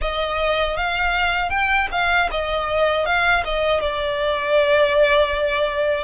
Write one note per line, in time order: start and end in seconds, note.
0.01 0.76 D#5
0.76 1.49 F5
1.49 1.87 G5
1.91 2.29 F5
2.30 3.06 D#5
3.06 3.43 F5
3.44 3.80 D#5
3.80 6.04 D5